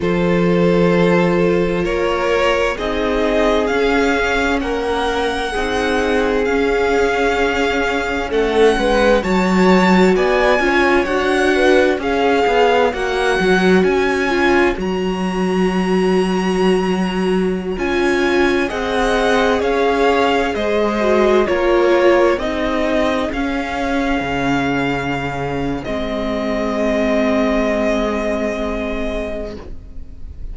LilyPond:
<<
  \new Staff \with { instrumentName = "violin" } { \time 4/4 \tempo 4 = 65 c''2 cis''4 dis''4 | f''4 fis''2 f''4~ | f''4 fis''4 a''4 gis''4 | fis''4 f''4 fis''4 gis''4 |
ais''2.~ ais''16 gis''8.~ | gis''16 fis''4 f''4 dis''4 cis''8.~ | cis''16 dis''4 f''2~ f''8. | dis''1 | }
  \new Staff \with { instrumentName = "violin" } { \time 4/4 a'2 ais'4 gis'4~ | gis'4 ais'4 gis'2~ | gis'4 a'8 b'8 cis''4 d''8 cis''8~ | cis''8 b'8 cis''2.~ |
cis''1~ | cis''16 dis''4 cis''4 c''4 ais'8.~ | ais'16 gis'2.~ gis'8.~ | gis'1 | }
  \new Staff \with { instrumentName = "viola" } { \time 4/4 f'2. dis'4 | cis'2 dis'4 cis'4~ | cis'2 fis'4. f'8 | fis'4 gis'4 fis'4. f'8 |
fis'2.~ fis'16 f'8.~ | f'16 gis'2~ gis'8 fis'8 f'8.~ | f'16 dis'4 cis'2~ cis'8. | c'1 | }
  \new Staff \with { instrumentName = "cello" } { \time 4/4 f2 ais4 c'4 | cis'4 ais4 c'4 cis'4~ | cis'4 a8 gis8 fis4 b8 cis'8 | d'4 cis'8 b8 ais8 fis8 cis'4 |
fis2.~ fis16 cis'8.~ | cis'16 c'4 cis'4 gis4 ais8.~ | ais16 c'4 cis'4 cis4.~ cis16 | gis1 | }
>>